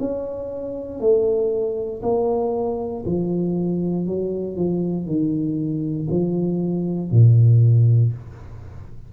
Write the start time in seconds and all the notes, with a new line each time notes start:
0.00 C#4
1.00 A3
2.03 A#3
3.06 F3
4.07 F#3
4.57 F3
5.07 D#3
6.11 F3
7.11 A#2